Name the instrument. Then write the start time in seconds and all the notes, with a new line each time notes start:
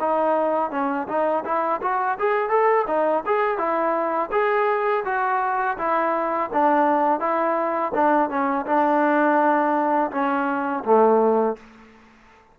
trombone
0.00 D#4
0.71 C#4
1.08 D#4
1.45 E4
1.82 F#4
2.19 G#4
2.49 A4
2.87 D#4
3.26 G#4
3.58 E4
4.31 G#4
5.05 F#4
5.78 E4
6.53 D4
7.20 E4
7.94 D4
8.29 C#4
8.66 D4
10.11 C#4
10.84 A3